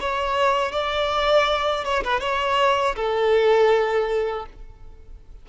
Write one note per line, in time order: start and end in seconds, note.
0.00 0.72 C#5
0.72 1.84 D5
1.84 2.03 C#5
2.04 2.20 B4
2.20 2.95 C#5
2.96 4.46 A4